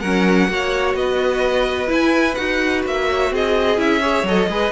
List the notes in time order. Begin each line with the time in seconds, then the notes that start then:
0.00 F#3 C#4 A#4 F#5
0.49 A#3 F#4 C#5
0.95 B3 B4 D#5
1.88 E4 G#5
2.35 D#4 F#4 F#5
2.85 A#3 E5
3.09 C#5
3.31 C4 G#4 D#5
3.77 C#4 E4 E5
4.02 G#4 C#5
4.24 F#3 A4 D#5
4.49 G#3 G#4 B4